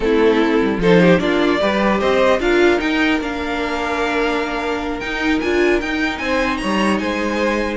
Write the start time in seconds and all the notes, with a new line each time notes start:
0.00 A3 C4 E4 A4
0.62 G3
0.77 F3 D#4 A4 C5
1.00 G4
1.19 A#3 D4 F4 D5
1.60 G3 G4 B4
2.00 C4 C5 D#5
2.39 D4 F4 A#4 F5
2.78 D#4 G5
3.20 A#3 D4 F5
4.99 D#4 G5
5.40 D4 F4 G#5
5.81 D#4 G5
6.18 C4 C5 G#5
6.57 C#5 A#5
6.64 G3
6.98 G#3 C5 G#5